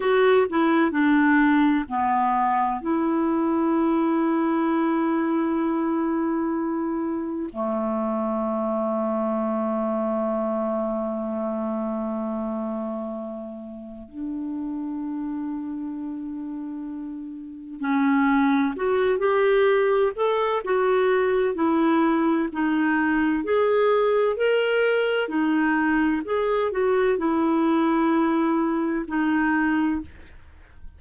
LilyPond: \new Staff \with { instrumentName = "clarinet" } { \time 4/4 \tempo 4 = 64 fis'8 e'8 d'4 b4 e'4~ | e'1 | a1~ | a2. d'4~ |
d'2. cis'4 | fis'8 g'4 a'8 fis'4 e'4 | dis'4 gis'4 ais'4 dis'4 | gis'8 fis'8 e'2 dis'4 | }